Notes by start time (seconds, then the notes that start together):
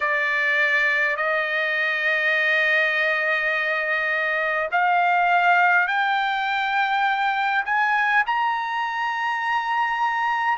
0.00 D5
1.16 D#5
4.71 F5
5.87 G5
7.65 G#5
8.26 A#5